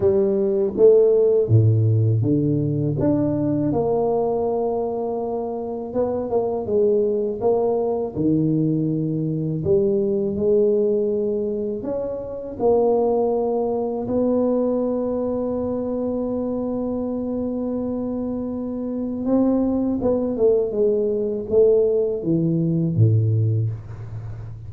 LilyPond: \new Staff \with { instrumentName = "tuba" } { \time 4/4 \tempo 4 = 81 g4 a4 a,4 d4 | d'4 ais2. | b8 ais8 gis4 ais4 dis4~ | dis4 g4 gis2 |
cis'4 ais2 b4~ | b1~ | b2 c'4 b8 a8 | gis4 a4 e4 a,4 | }